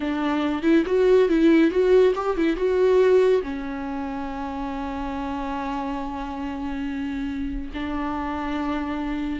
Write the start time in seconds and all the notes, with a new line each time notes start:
0.00 D4
0.62 E4
0.86 F#4
1.28 E4
1.70 F#4
2.15 G4
2.36 E4
2.56 F#4
3.42 C#4
7.73 D4